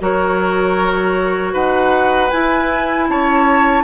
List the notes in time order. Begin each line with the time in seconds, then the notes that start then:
0.00 F#3 F#4 A#4 C#5
1.53 D#4 B4 F#5
2.31 E4 G#5
3.09 C#4 C#5 A5